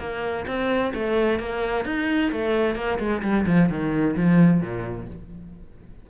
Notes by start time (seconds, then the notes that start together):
0.00 A#3
0.47 C4
0.95 A3
1.40 A#3
1.86 D#4
2.32 A3
2.76 A#3
2.99 G#3
3.23 G3
3.47 F3
3.70 D#3
4.17 F3
4.61 A#2